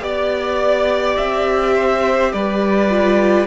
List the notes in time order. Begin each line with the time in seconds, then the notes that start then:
0.00 B3 G4 D5
1.17 C4 E5
1.75 C5
2.32 G3 B4 D5
2.89 F4